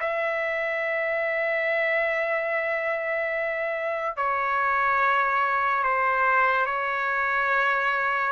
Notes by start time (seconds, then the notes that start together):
0.00 E5
4.17 C#5
5.83 C5
6.66 C#5